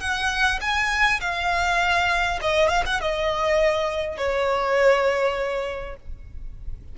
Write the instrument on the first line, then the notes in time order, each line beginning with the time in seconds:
violin
0.00 F#5
0.61 G#5
1.20 F5
2.41 D#5
2.68 F5
2.85 F#5
3.01 D#5
4.17 C#5